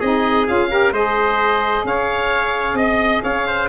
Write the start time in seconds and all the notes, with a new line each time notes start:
0.00 C4 D#4 G#4 D#5
0.47 C#4 F4 F5
0.70 G4 A#4
0.92 G#3 G#4 C5 D#5
1.84 C#4 C#5 F5
2.74 C4 D#5
3.23 C#4 C#5 F5
3.47 C5